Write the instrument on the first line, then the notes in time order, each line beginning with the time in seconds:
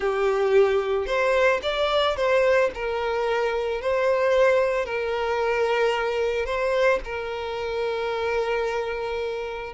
violin
0.00 G4
1.06 C5
1.62 D5
2.16 C5
2.74 A#4
3.81 C5
4.85 A#4
6.45 C5
7.04 A#4